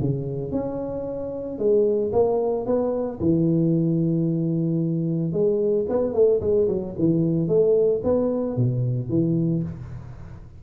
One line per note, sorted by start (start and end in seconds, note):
0.00 0.52 C#3
0.52 1.59 C#4
1.59 2.12 G#3
2.12 2.66 A#3
2.66 3.19 B3
3.20 5.33 E3
5.33 5.86 G#3
5.89 6.14 B3
6.14 6.40 A3
6.41 6.68 G#3
6.68 6.95 F#3
6.98 7.48 E3
7.48 8.02 A3
8.04 8.57 B3
8.57 9.09 B2
9.09 9.63 E3